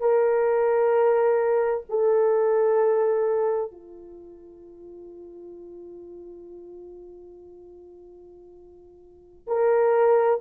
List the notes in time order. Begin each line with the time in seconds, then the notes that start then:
0.00 A#4
1.89 A4
3.71 F4
9.47 A#4